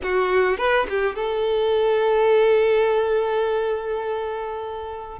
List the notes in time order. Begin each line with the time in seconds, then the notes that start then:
0.02 F#4
0.57 B4
0.89 G4
1.15 A4